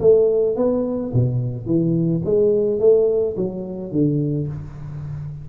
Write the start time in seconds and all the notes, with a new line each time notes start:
0.00 A3
0.56 B3
1.14 B2
1.66 E3
2.25 G#3
2.79 A3
3.36 F#3
3.91 D3